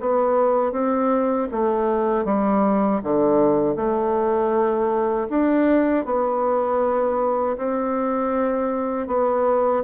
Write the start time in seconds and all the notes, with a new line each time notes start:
0.00 B3
0.72 C4
1.52 A3
2.25 G3
3.03 D3
3.76 A3
5.30 D4
6.05 B3
7.57 C4
9.07 B3